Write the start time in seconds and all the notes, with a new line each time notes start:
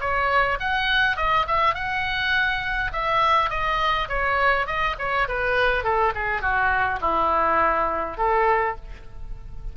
0.00 C#5
0.60 F#5
1.17 D#5
1.47 E5
1.75 F#5
2.92 E5
3.50 D#5
4.08 C#5
4.66 D#5
4.99 C#5
5.28 B4
5.84 A4
6.15 G#4
6.41 F#4
7.01 E4
8.17 A4